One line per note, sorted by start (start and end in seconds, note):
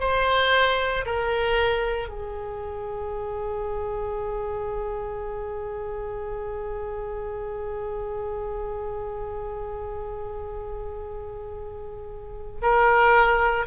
0.00 1.05 C5
1.06 2.09 A#4
2.09 12.61 G#4
12.62 13.67 A#4